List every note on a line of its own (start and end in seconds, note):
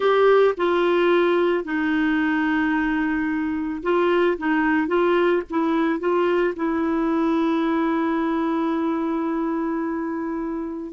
0.00 0.54 G4
0.57 1.64 F4
1.64 3.82 D#4
3.83 4.37 F4
4.38 4.87 D#4
4.87 5.42 F4
5.49 5.99 E4
5.99 6.54 F4
6.56 10.92 E4